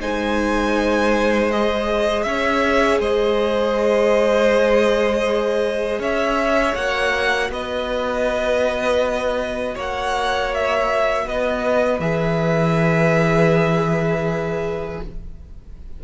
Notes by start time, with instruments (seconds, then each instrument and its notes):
0.00 cello G#3, viola D#4, violin C5 G#5
1.51 viola G#4, violin D#5
2.23 cello C#4, violin C#5 E5
2.99 cello G#3, violin C5 D#5
5.99 cello C#4, violin C#5 E5
6.75 cello A#3, viola F#4, violin F#5
7.50 cello B3, violin B4 D#5
9.74 cello A#3, violin C#5 F#5
10.54 violin E5
11.26 cello B3, violin B4 D#5
11.99 cello E3, viola G#4, violin E5